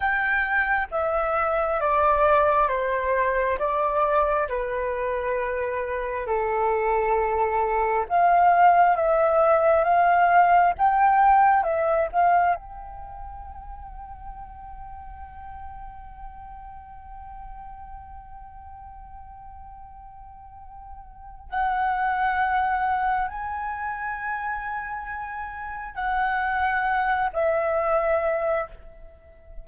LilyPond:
\new Staff \with { instrumentName = "flute" } { \time 4/4 \tempo 4 = 67 g''4 e''4 d''4 c''4 | d''4 b'2 a'4~ | a'4 f''4 e''4 f''4 | g''4 e''8 f''8 g''2~ |
g''1~ | g''1 | fis''2 gis''2~ | gis''4 fis''4. e''4. | }